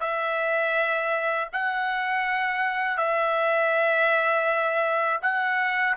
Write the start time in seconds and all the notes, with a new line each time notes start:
0.00 E5
1.53 F#5
2.97 E5
5.22 F#5